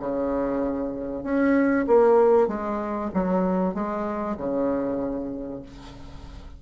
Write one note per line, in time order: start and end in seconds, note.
0.00 1.24 C#3
1.24 1.86 C#4
1.88 2.49 A#3
2.49 3.11 G#3
3.14 3.75 F#3
3.75 4.37 G#3
4.38 5.63 C#3